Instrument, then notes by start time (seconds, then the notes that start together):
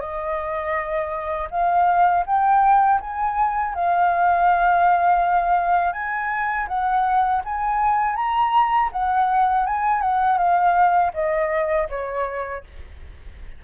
flute
0.00 D#5
1.51 F5
2.26 G5
3.01 G#5
3.75 F5
5.92 G#5
6.68 F#5
7.44 G#5
8.15 A#5
8.92 F#5
9.66 G#5
10.01 F#5
10.38 F5
11.14 D#5
11.90 C#5